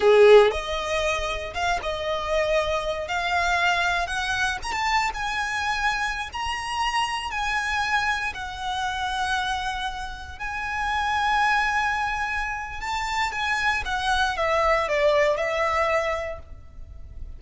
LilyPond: \new Staff \with { instrumentName = "violin" } { \time 4/4 \tempo 4 = 117 gis'4 dis''2 f''8 dis''8~ | dis''2 f''2 | fis''4 ais''16 a''8. gis''2~ | gis''16 ais''2 gis''4.~ gis''16~ |
gis''16 fis''2.~ fis''8.~ | fis''16 gis''2.~ gis''8.~ | gis''4 a''4 gis''4 fis''4 | e''4 d''4 e''2 | }